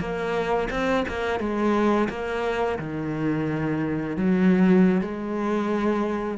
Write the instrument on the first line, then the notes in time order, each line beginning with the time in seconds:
cello
0.00 A#3
0.71 C4
1.08 A#3
1.40 G#3
2.09 A#3
2.79 D#3
4.17 F#3
5.01 G#3